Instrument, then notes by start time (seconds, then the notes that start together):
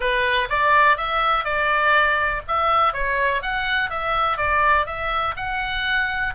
oboe
0.00 B4
0.49 D5
0.97 E5
1.44 D5
2.47 E5
2.93 C#5
3.42 F#5
3.90 E5
4.37 D5
4.86 E5
5.36 F#5